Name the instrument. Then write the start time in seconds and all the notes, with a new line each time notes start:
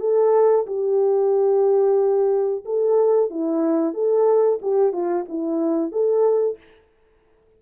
horn
0.00 A4
0.67 G4
2.65 A4
3.30 E4
3.94 A4
4.62 G4
4.93 F4
5.29 E4
5.92 A4